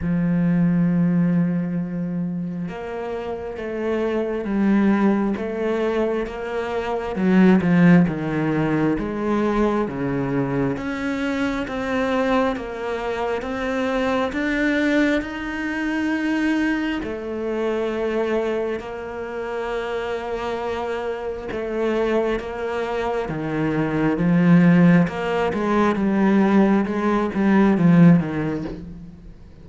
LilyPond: \new Staff \with { instrumentName = "cello" } { \time 4/4 \tempo 4 = 67 f2. ais4 | a4 g4 a4 ais4 | fis8 f8 dis4 gis4 cis4 | cis'4 c'4 ais4 c'4 |
d'4 dis'2 a4~ | a4 ais2. | a4 ais4 dis4 f4 | ais8 gis8 g4 gis8 g8 f8 dis8 | }